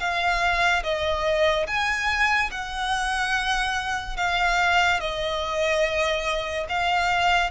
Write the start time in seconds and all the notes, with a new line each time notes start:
0.00 F5
0.84 D#5
1.67 G#5
2.51 F#5
4.17 F5
5.00 D#5
6.69 F5